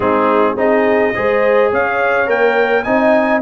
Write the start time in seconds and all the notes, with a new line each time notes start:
0.00 G#3 C4 D#4 G#4
0.56 C4 D#4 G#4 D#5
1.14 G#3 G#4 C5
1.71 C#4 C#5 F5
2.26 A#3 A#4 G5
2.83 C4 D#4 D#5 G#5